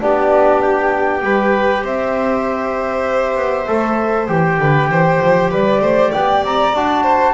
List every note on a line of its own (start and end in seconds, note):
0.00 1.23 B3
0.00 1.21 D4
0.00 1.24 G4
0.00 0.62 D5
0.62 1.84 G5
1.21 1.83 G3
1.21 3.66 G4
1.21 1.84 B4
1.83 3.36 C4
1.83 4.60 C5
1.83 4.27 E5
3.36 3.67 B3
3.68 4.29 A3
3.68 4.28 A4
4.27 4.59 E3
4.27 6.73 G4
4.27 5.50 G5
4.59 4.90 D3
4.59 4.91 B4
4.90 5.20 E3
4.90 5.51 C5
5.22 5.52 F3
5.51 5.81 G3
5.51 5.81 B4
5.51 6.13 D5
5.81 6.12 A3
5.81 6.11 C5
6.11 6.43 B3
6.11 7.03 D5
6.11 6.44 G5
6.43 6.74 C4
6.43 6.75 A#5
6.74 7.34 D4
6.74 7.34 F#4
6.74 7.34 A5
7.03 7.34 C5